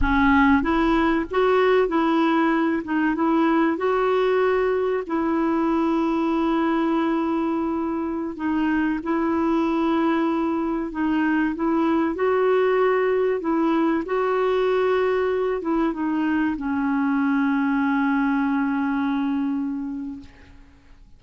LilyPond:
\new Staff \with { instrumentName = "clarinet" } { \time 4/4 \tempo 4 = 95 cis'4 e'4 fis'4 e'4~ | e'8 dis'8 e'4 fis'2 | e'1~ | e'4~ e'16 dis'4 e'4.~ e'16~ |
e'4~ e'16 dis'4 e'4 fis'8.~ | fis'4~ fis'16 e'4 fis'4.~ fis'16~ | fis'8. e'8 dis'4 cis'4.~ cis'16~ | cis'1 | }